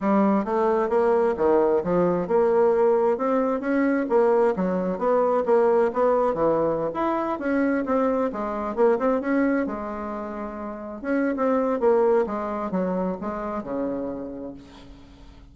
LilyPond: \new Staff \with { instrumentName = "bassoon" } { \time 4/4 \tempo 4 = 132 g4 a4 ais4 dis4 | f4 ais2 c'4 | cis'4 ais4 fis4 b4 | ais4 b4 e4~ e16 e'8.~ |
e'16 cis'4 c'4 gis4 ais8 c'16~ | c'16 cis'4 gis2~ gis8.~ | gis16 cis'8. c'4 ais4 gis4 | fis4 gis4 cis2 | }